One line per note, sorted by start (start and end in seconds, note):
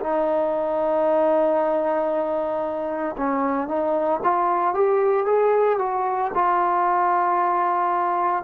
0.00 3.16 D#4
3.17 3.67 C#4
3.67 4.20 D#4
4.23 4.74 F4
4.74 5.26 G4
5.26 5.78 G#4
5.78 6.31 F#4
6.34 8.44 F4